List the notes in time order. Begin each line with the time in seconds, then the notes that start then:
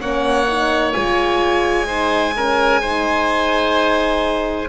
0.00 A#3 C#4 C#5 F#5
0.48 D#4
0.93 G#3 F4 G#5
1.87 D#4 C5
2.36 C#4 A#4
2.81 D#4 C5